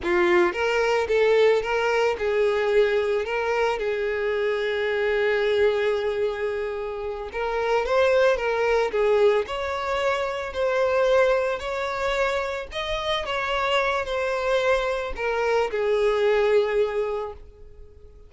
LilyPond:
\new Staff \with { instrumentName = "violin" } { \time 4/4 \tempo 4 = 111 f'4 ais'4 a'4 ais'4 | gis'2 ais'4 gis'4~ | gis'1~ | gis'4. ais'4 c''4 ais'8~ |
ais'8 gis'4 cis''2 c''8~ | c''4. cis''2 dis''8~ | dis''8 cis''4. c''2 | ais'4 gis'2. | }